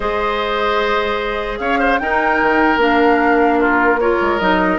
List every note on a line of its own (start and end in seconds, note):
0.00 1.59 G#3
0.00 2.00 G#4
0.00 1.58 C5
0.00 1.58 D#5
1.58 1.99 C#4
1.58 1.79 C#5
1.58 1.98 F5
1.79 1.99 C5
1.98 2.40 D#4
1.98 2.79 D#4
1.98 3.59 A#4
1.98 2.78 G5
2.41 2.76 D#3
2.76 4.16 A#3
2.76 3.99 D4
2.76 3.60 F5
3.59 3.99 F4
3.59 4.00 A#4
4.00 4.40 F4
4.00 4.78 A#4
4.00 4.39 C#5
4.21 4.40 G#3
4.39 4.78 F#3
4.39 4.78 D#4
4.39 4.78 D#5